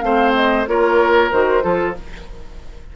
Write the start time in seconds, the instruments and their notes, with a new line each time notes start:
0.00 bassoon A3, clarinet C4, oboe C5, flute F5
0.34 flute D#5
0.67 bassoon A#3, clarinet F4, oboe A#4, flute C#5
1.31 bassoon D#3, clarinet F#4, flute C5
1.61 bassoon F3, clarinet F4, oboe A4